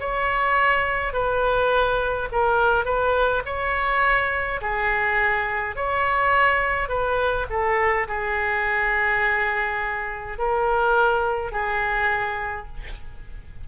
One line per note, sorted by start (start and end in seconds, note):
0.00 1.14 C#5
1.14 2.29 B4
2.32 2.85 A#4
2.85 3.43 B4
3.46 4.61 C#5
4.62 5.76 G#4
5.76 6.89 C#5
6.89 7.47 B4
7.50 8.08 A4
8.08 10.38 G#4
10.38 11.52 A#4
11.52 12.68 G#4